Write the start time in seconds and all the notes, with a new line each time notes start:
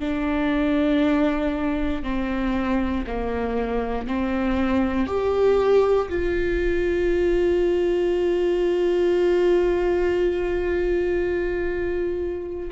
0.00 D4
2.03 C4
3.07 A#3
4.07 C4
5.07 G4
6.09 F4